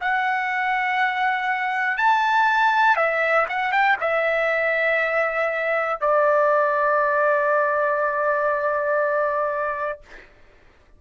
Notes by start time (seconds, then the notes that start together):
0.00 F#5
1.97 A5
2.96 E5
3.49 F#5
3.71 G5
4.00 E5
6.00 D5